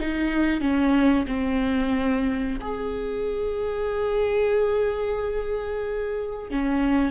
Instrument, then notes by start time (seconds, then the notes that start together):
viola
0.00 D#4
0.60 C#4
1.27 C4
2.61 G#4
6.50 C#4